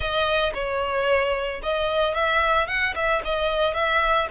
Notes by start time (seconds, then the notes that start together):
0.00 D#5
0.54 C#5
1.62 D#5
2.14 E5
2.67 F#5
2.95 E5
3.24 D#5
3.74 E5